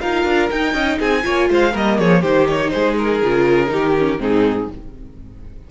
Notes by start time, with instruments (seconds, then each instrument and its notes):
0.00 cello D#4, viola F4, violin A#4 F5
0.25 cello D4
0.50 viola D#4, cello D#4, violin G5
0.73 cello C#4, violin D#5
0.99 cello C4, violin G#4 G#5
1.23 cello A#3, viola F4, violin C#5
1.50 cello G#3, violin C5 F5
1.73 cello G3, viola A#3, violin A#4 D#5
1.99 cello F3, violin G#4 C#5
2.21 cello D#3, viola D#4, violin G4 C5
2.48 violin C#5
2.70 cello G#3, violin G#4 C5
2.98 violin A#4
3.22 cello C#3, viola F4
3.67 cello D#3, viola D#4, violin G4
3.98 viola C#4
4.18 cello G#2, viola C4, violin D#4 G#4